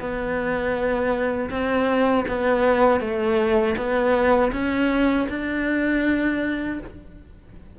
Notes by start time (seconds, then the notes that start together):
0.00 B3
1.50 C4
2.28 B3
3.01 A3
3.77 B3
4.53 C#4
5.30 D4